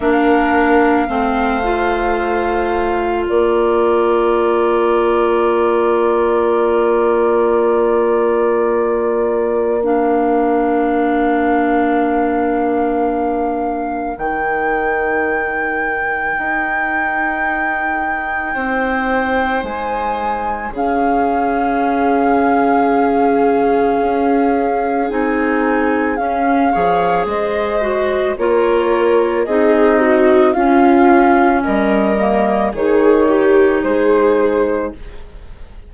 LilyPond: <<
  \new Staff \with { instrumentName = "flute" } { \time 4/4 \tempo 4 = 55 f''2. d''4~ | d''1~ | d''4 f''2.~ | f''4 g''2.~ |
g''2 gis''4 f''4~ | f''2. gis''4 | f''4 dis''4 cis''4 dis''4 | f''4 dis''4 cis''4 c''4 | }
  \new Staff \with { instrumentName = "viola" } { \time 4/4 ais'4 c''2 ais'4~ | ais'1~ | ais'1~ | ais'1~ |
ais'4 c''2 gis'4~ | gis'1~ | gis'8 cis''8 c''4 ais'4 gis'8 fis'8 | f'4 ais'4 gis'8 g'8 gis'4 | }
  \new Staff \with { instrumentName = "clarinet" } { \time 4/4 d'4 c'8 f'2~ f'8~ | f'1~ | f'4 d'2.~ | d'4 dis'2.~ |
dis'2. cis'4~ | cis'2. dis'4 | cis'8 gis'4 fis'8 f'4 dis'4 | cis'4. ais8 dis'2 | }
  \new Staff \with { instrumentName = "bassoon" } { \time 4/4 ais4 a2 ais4~ | ais1~ | ais1~ | ais4 dis2 dis'4~ |
dis'4 c'4 gis4 cis4~ | cis2 cis'4 c'4 | cis'8 f8 gis4 ais4 c'4 | cis'4 g4 dis4 gis4 | }
>>